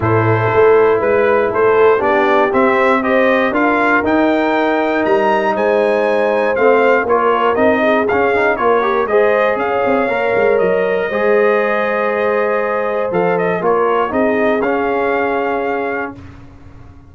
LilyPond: <<
  \new Staff \with { instrumentName = "trumpet" } { \time 4/4 \tempo 4 = 119 c''2 b'4 c''4 | d''4 e''4 dis''4 f''4 | g''2 ais''4 gis''4~ | gis''4 f''4 cis''4 dis''4 |
f''4 cis''4 dis''4 f''4~ | f''4 dis''2.~ | dis''2 f''8 dis''8 cis''4 | dis''4 f''2. | }
  \new Staff \with { instrumentName = "horn" } { \time 4/4 a'2 b'4 a'4 | g'2 c''4 ais'4~ | ais'2. c''4~ | c''2 ais'4. gis'8~ |
gis'4 ais'4 c''4 cis''4~ | cis''2 c''2~ | c''2. ais'4 | gis'1 | }
  \new Staff \with { instrumentName = "trombone" } { \time 4/4 e'1 | d'4 c'4 g'4 f'4 | dis'1~ | dis'4 c'4 f'4 dis'4 |
cis'8 dis'8 f'8 g'8 gis'2 | ais'2 gis'2~ | gis'2 a'4 f'4 | dis'4 cis'2. | }
  \new Staff \with { instrumentName = "tuba" } { \time 4/4 a,4 a4 gis4 a4 | b4 c'2 d'4 | dis'2 g4 gis4~ | gis4 a4 ais4 c'4 |
cis'4 ais4 gis4 cis'8 c'8 | ais8 gis8 fis4 gis2~ | gis2 f4 ais4 | c'4 cis'2. | }
>>